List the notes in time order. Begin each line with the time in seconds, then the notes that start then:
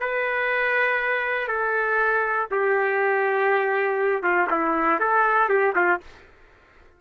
0.00 B4
1.47 A4
2.51 G4
4.22 F4
4.50 E4
4.99 A4
5.49 G4
5.75 F4